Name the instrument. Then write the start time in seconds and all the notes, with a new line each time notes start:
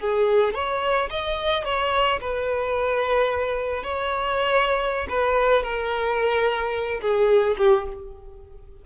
violin
0.00 G#4
0.54 C#5
1.10 D#5
1.65 C#5
2.21 B4
3.84 C#5
5.09 B4
5.63 A#4
7.01 G#4
7.58 G4